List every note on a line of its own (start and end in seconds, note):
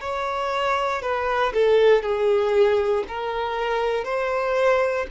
0.00 1.02 C#5
1.02 1.53 B4
1.53 2.02 A4
2.02 3.04 G#4
3.07 4.04 A#4
4.04 5.06 C5